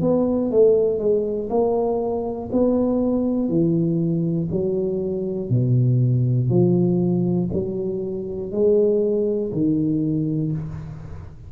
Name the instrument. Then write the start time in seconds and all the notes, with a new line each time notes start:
tuba
0.00 B3
0.50 A3
0.98 G#3
1.50 A#3
2.52 B3
3.48 E3
4.51 F#3
5.50 B2
6.50 F3
7.53 F#3
8.51 G#3
9.51 D#3